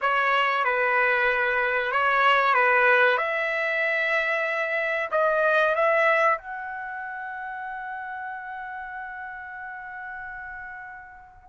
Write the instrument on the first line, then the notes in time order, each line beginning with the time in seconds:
trumpet
0.01 C#5
0.64 B4
1.91 C#5
2.54 B4
3.17 E5
5.11 D#5
5.75 E5
6.38 F#5